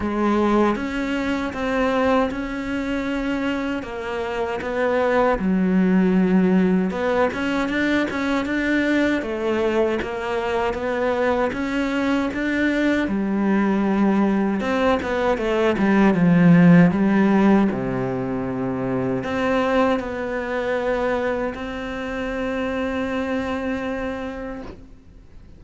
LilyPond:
\new Staff \with { instrumentName = "cello" } { \time 4/4 \tempo 4 = 78 gis4 cis'4 c'4 cis'4~ | cis'4 ais4 b4 fis4~ | fis4 b8 cis'8 d'8 cis'8 d'4 | a4 ais4 b4 cis'4 |
d'4 g2 c'8 b8 | a8 g8 f4 g4 c4~ | c4 c'4 b2 | c'1 | }